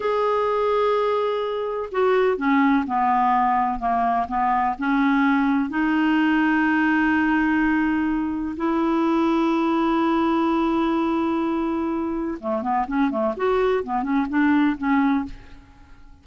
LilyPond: \new Staff \with { instrumentName = "clarinet" } { \time 4/4 \tempo 4 = 126 gis'1 | fis'4 cis'4 b2 | ais4 b4 cis'2 | dis'1~ |
dis'2 e'2~ | e'1~ | e'2 a8 b8 cis'8 a8 | fis'4 b8 cis'8 d'4 cis'4 | }